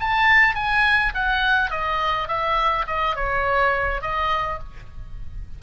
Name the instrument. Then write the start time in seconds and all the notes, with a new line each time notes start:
oboe
0.00 A5
0.55 G#5
1.14 F#5
1.70 D#5
2.28 E5
2.87 D#5
3.16 C#5
4.01 D#5